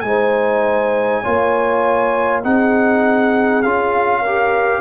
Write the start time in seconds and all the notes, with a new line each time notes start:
0.00 G#3 D#4 G#5
0.06 C5
1.22 A#3 F4 C#5
2.43 C4 D#4 G#4 F#5
3.62 C#4 F4 F5
4.21 G4 A#4